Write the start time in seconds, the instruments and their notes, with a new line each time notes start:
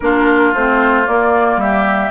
0.00 bassoon A#3, clarinet D4, oboe F4, flute A#4
0.53 bassoon A3, clarinet C4, flute C5
1.04 clarinet A#3, bassoon A#3, flute D5
1.56 bassoon G3, oboe G4, flute E5